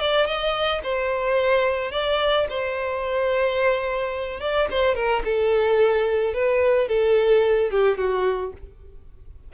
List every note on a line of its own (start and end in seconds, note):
0.00 0.26 D5
0.26 0.81 D#5
0.83 1.91 C5
1.91 2.46 D5
2.50 4.40 C5
4.40 4.68 D5
4.70 4.95 C5
4.95 5.22 A#4
5.24 6.34 A4
6.34 6.88 B4
6.88 7.70 A4
7.70 7.98 G4
7.98 8.53 F#4